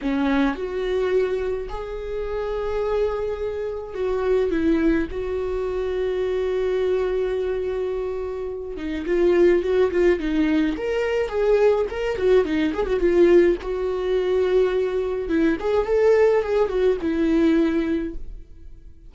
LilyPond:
\new Staff \with { instrumentName = "viola" } { \time 4/4 \tempo 4 = 106 cis'4 fis'2 gis'4~ | gis'2. fis'4 | e'4 fis'2.~ | fis'2.~ fis'8 dis'8 |
f'4 fis'8 f'8 dis'4 ais'4 | gis'4 ais'8 fis'8 dis'8 gis'16 fis'16 f'4 | fis'2. e'8 gis'8 | a'4 gis'8 fis'8 e'2 | }